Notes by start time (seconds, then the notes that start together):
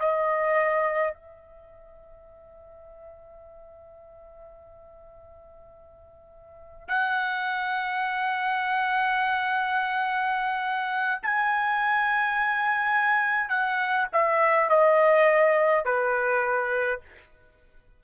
0.00 D#5
1.14 E5
6.88 F#5
11.23 G#5
13.49 F#5
14.12 E5
14.70 D#5
15.85 B4